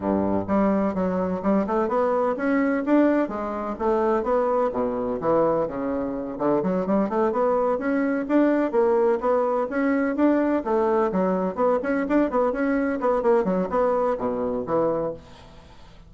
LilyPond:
\new Staff \with { instrumentName = "bassoon" } { \time 4/4 \tempo 4 = 127 g,4 g4 fis4 g8 a8 | b4 cis'4 d'4 gis4 | a4 b4 b,4 e4 | cis4. d8 fis8 g8 a8 b8~ |
b8 cis'4 d'4 ais4 b8~ | b8 cis'4 d'4 a4 fis8~ | fis8 b8 cis'8 d'8 b8 cis'4 b8 | ais8 fis8 b4 b,4 e4 | }